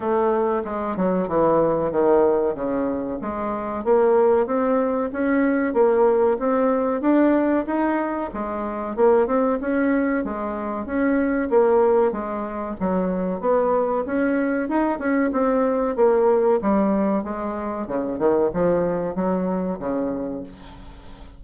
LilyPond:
\new Staff \with { instrumentName = "bassoon" } { \time 4/4 \tempo 4 = 94 a4 gis8 fis8 e4 dis4 | cis4 gis4 ais4 c'4 | cis'4 ais4 c'4 d'4 | dis'4 gis4 ais8 c'8 cis'4 |
gis4 cis'4 ais4 gis4 | fis4 b4 cis'4 dis'8 cis'8 | c'4 ais4 g4 gis4 | cis8 dis8 f4 fis4 cis4 | }